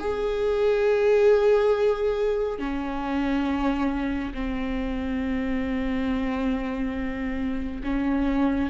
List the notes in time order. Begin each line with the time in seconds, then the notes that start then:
0.00 G#4
2.59 C#4
4.34 C4
7.84 C#4